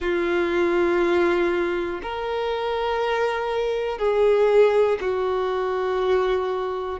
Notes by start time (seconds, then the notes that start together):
0.00 F4
2.02 A#4
3.98 G#4
5.00 F#4